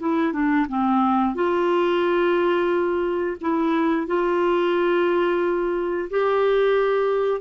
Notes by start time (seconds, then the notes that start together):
0.00 E4
0.33 D4
0.69 C4
1.35 F4
3.41 E4
4.07 F4
6.10 G4